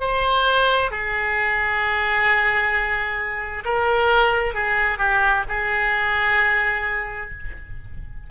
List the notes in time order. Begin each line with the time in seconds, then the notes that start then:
0.00 C5
0.91 G#4
3.65 A#4
4.54 G#4
4.98 G4
5.49 G#4